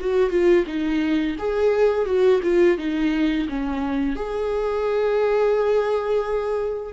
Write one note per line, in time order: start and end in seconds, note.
0.00 0.29 F#4
0.29 0.64 F4
0.66 1.36 D#4
1.38 2.05 G#4
2.05 2.40 F#4
2.43 2.77 F4
2.77 3.47 D#4
3.48 4.15 C#4
4.15 6.93 G#4